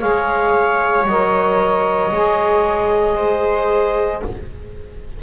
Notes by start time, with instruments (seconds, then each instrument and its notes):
0.00 double bass G#3, saxophone G#4, viola C#5, clarinet F5
1.06 double bass F#3, saxophone A#4, clarinet D#5
2.12 double bass G#3, saxophone G#4
3.16 viola C5